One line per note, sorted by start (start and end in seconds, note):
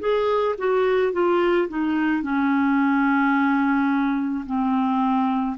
0.00 0.56 G#4
0.59 1.13 F#4
1.13 1.68 F4
1.69 2.23 D#4
2.23 4.45 C#4
4.46 5.57 C4